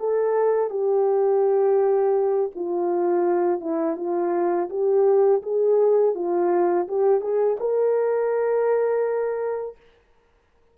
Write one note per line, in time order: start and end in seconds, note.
0.00 0.70 A4
0.70 2.51 G4
2.56 3.61 F4
3.61 3.97 E4
3.97 4.69 F4
4.70 5.42 G4
5.42 6.15 G#4
6.15 6.87 F4
6.88 7.21 G4
7.21 7.57 G#4
7.60 9.77 A#4